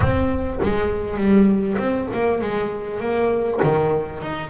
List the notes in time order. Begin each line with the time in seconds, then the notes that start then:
0.00 C4
0.62 G#3
1.17 G3
1.78 C4
2.13 A#3
2.41 G#3
2.99 A#3
3.62 D#3
4.21 D#4